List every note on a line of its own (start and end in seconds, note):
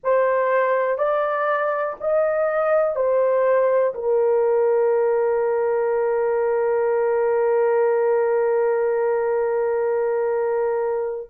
0.03 0.98 C5
0.98 1.96 D5
2.00 2.95 D#5
2.95 3.93 C5
3.94 11.30 A#4